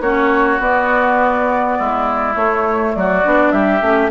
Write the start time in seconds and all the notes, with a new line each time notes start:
0.00 A#3 C#4 F#4 C#5
0.59 B3 D5
1.78 G#3 E4
2.34 A3 C#5
2.94 F#3 F#4 D5
3.23 B3 D4
3.51 G3 G4 E5
3.81 A3 C#4